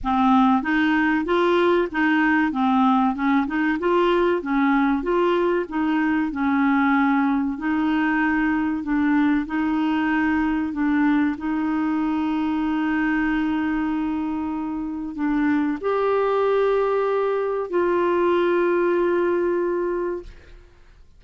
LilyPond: \new Staff \with { instrumentName = "clarinet" } { \time 4/4 \tempo 4 = 95 c'4 dis'4 f'4 dis'4 | c'4 cis'8 dis'8 f'4 cis'4 | f'4 dis'4 cis'2 | dis'2 d'4 dis'4~ |
dis'4 d'4 dis'2~ | dis'1 | d'4 g'2. | f'1 | }